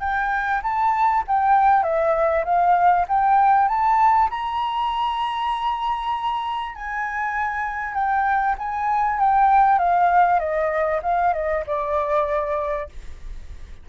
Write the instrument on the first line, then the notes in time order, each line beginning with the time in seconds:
flute
0.00 G5
0.62 A5
1.27 G5
1.83 E5
2.44 F5
3.08 G5
3.68 A5
4.30 A#5
6.75 G#5
7.94 G5
8.58 G#5
9.19 G5
9.78 F5
10.39 D#5
11.02 F5
11.33 D#5
11.66 D5